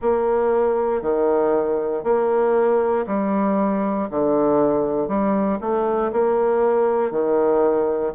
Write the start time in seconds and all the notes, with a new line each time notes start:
0.01 A#3
1.02 D#3
2.03 A#3
3.06 G3
4.10 D3
5.08 G3
5.60 A3
6.12 A#3
7.11 D#3